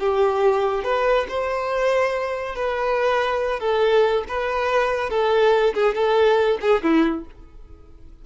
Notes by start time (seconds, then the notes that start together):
0.00 G4
0.84 B4
1.29 C5
2.56 B4
3.60 A4
4.29 B4
5.10 A4
5.75 G#4
5.95 A4
6.62 G#4
6.83 E4